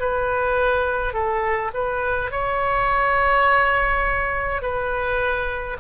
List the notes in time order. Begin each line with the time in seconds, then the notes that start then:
0.00 B4
1.13 A4
1.74 B4
2.31 C#5
4.62 B4